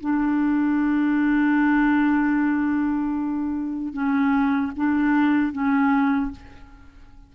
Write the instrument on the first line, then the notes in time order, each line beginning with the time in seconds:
clarinet
0.00 D4
3.93 C#4
4.76 D4
5.52 C#4